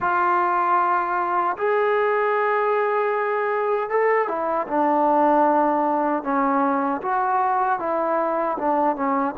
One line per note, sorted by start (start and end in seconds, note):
0.00 1.56 F4
1.57 3.89 G#4
3.89 4.28 A4
4.28 4.66 E4
4.67 6.23 D4
6.23 7.01 C#4
7.01 7.79 F#4
7.79 8.57 E4
8.57 8.95 D4
8.95 9.34 C#4